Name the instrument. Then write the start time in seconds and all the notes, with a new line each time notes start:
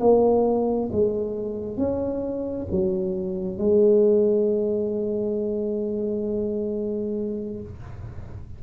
tuba
0.00 A#3
0.92 G#3
1.77 C#4
2.71 F#3
3.58 G#3